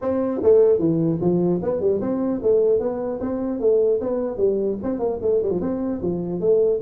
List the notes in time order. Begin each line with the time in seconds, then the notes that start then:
0.01 C4
0.43 A3
0.78 E3
1.21 F3
1.62 B3
1.80 G3
2.00 C4
2.42 A3
2.79 B3
3.20 C4
3.60 A3
4.01 B3
4.37 G3
4.83 C4
4.99 A#3
5.21 A3
5.42 G3
5.50 F3
5.61 C4
6.01 F3
6.40 A3